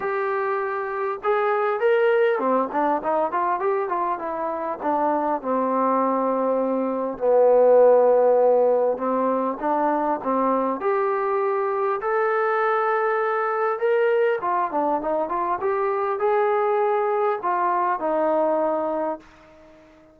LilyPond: \new Staff \with { instrumentName = "trombone" } { \time 4/4 \tempo 4 = 100 g'2 gis'4 ais'4 | c'8 d'8 dis'8 f'8 g'8 f'8 e'4 | d'4 c'2. | b2. c'4 |
d'4 c'4 g'2 | a'2. ais'4 | f'8 d'8 dis'8 f'8 g'4 gis'4~ | gis'4 f'4 dis'2 | }